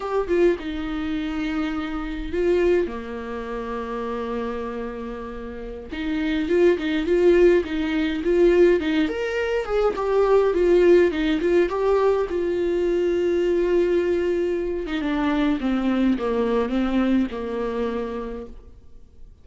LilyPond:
\new Staff \with { instrumentName = "viola" } { \time 4/4 \tempo 4 = 104 g'8 f'8 dis'2. | f'4 ais2.~ | ais2~ ais16 dis'4 f'8 dis'16~ | dis'16 f'4 dis'4 f'4 dis'8 ais'16~ |
ais'8. gis'8 g'4 f'4 dis'8 f'16~ | f'16 g'4 f'2~ f'8.~ | f'4.~ f'16 dis'16 d'4 c'4 | ais4 c'4 ais2 | }